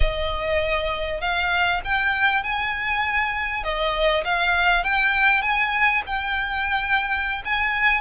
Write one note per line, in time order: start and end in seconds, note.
0.00 1.20 D#5
1.20 1.81 F5
1.84 2.43 G5
2.43 3.63 G#5
3.63 4.24 D#5
4.24 4.83 F5
4.83 5.42 G5
5.42 6.02 G#5
6.06 7.42 G5
7.45 8.00 G#5